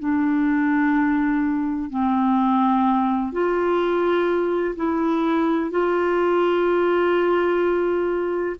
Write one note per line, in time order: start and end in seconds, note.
0.00 1.90 D4
1.90 3.32 C4
3.32 4.75 F4
4.76 5.71 E4
5.71 8.57 F4